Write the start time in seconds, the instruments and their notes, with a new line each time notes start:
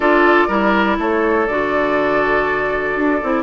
0.00 bassoon D4, clarinet F4, oboe A4, flute D5
0.47 bassoon G3, clarinet E4, oboe A#4
0.98 bassoon A3, oboe A4, flute C#5
1.47 bassoon D3, clarinet F#4, flute D5
2.95 bassoon D4
3.22 bassoon C4, clarinet E4